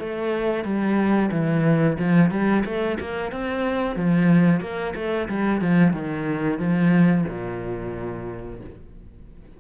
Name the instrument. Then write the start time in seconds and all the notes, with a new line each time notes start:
cello
0.00 A3
0.65 G3
1.32 E3
1.99 F3
2.31 G3
2.66 A3
3.01 A#3
3.32 C4
3.96 F3
4.61 A#3
4.95 A3
5.29 G3
5.61 F3
5.93 D#3
6.60 F3
7.29 A#2